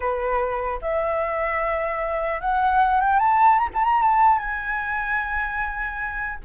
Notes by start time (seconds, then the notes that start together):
0.00 B4
0.81 E5
2.40 F#5
3.00 G5
3.19 A5
3.59 A#5
3.74 A5
3.84 A#5
4.02 A5
4.38 G#5